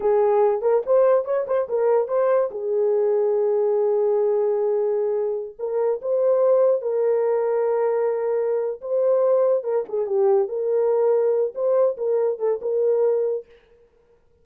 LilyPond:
\new Staff \with { instrumentName = "horn" } { \time 4/4 \tempo 4 = 143 gis'4. ais'8 c''4 cis''8 c''8 | ais'4 c''4 gis'2~ | gis'1~ | gis'4~ gis'16 ais'4 c''4.~ c''16~ |
c''16 ais'2.~ ais'8.~ | ais'4 c''2 ais'8 gis'8 | g'4 ais'2~ ais'8 c''8~ | c''8 ais'4 a'8 ais'2 | }